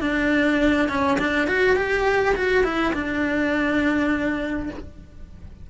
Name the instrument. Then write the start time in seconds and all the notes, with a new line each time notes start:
cello
0.00 D4
0.89 C#4
1.18 D4
1.47 F#4
1.76 G4
2.35 F#4
2.64 E4
2.93 D4